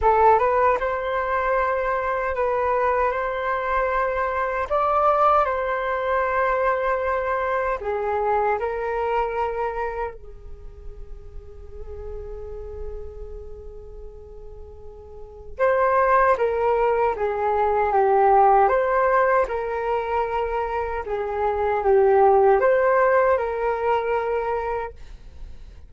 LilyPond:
\new Staff \with { instrumentName = "flute" } { \time 4/4 \tempo 4 = 77 a'8 b'8 c''2 b'4 | c''2 d''4 c''4~ | c''2 gis'4 ais'4~ | ais'4 gis'2.~ |
gis'1 | c''4 ais'4 gis'4 g'4 | c''4 ais'2 gis'4 | g'4 c''4 ais'2 | }